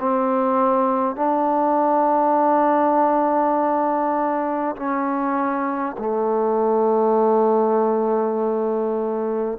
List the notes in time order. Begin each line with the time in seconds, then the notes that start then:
0.00 C4
1.16 D4
4.77 C#4
5.98 A3